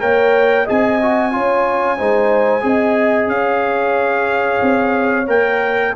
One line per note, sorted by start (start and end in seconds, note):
0.00 0.69 A#3
0.00 0.66 A#4
0.00 0.65 C#5
0.00 0.67 G5
0.65 1.37 C4
0.65 1.00 G#4
0.65 1.31 D#5
0.65 3.30 G#5
1.02 1.32 F#4
1.32 2.00 C#4
1.32 1.98 F4
1.32 1.98 C#5
1.98 2.63 G#3
1.98 2.62 D#4
1.98 2.64 C5
2.62 3.27 C4
2.62 5.25 G#4
2.62 3.33 D#5
3.27 4.59 C#4
3.27 5.27 F5
3.34 5.96 C#5
4.62 5.28 C4
5.28 5.94 A#3
5.28 5.94 A#4
5.28 5.95 G5